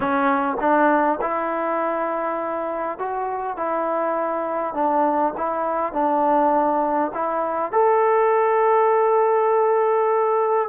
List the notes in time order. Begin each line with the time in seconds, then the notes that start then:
0.00 C#4
0.59 D4
1.21 E4
2.98 F#4
3.56 E4
4.74 D4
5.37 E4
5.92 D4
7.13 E4
7.72 A4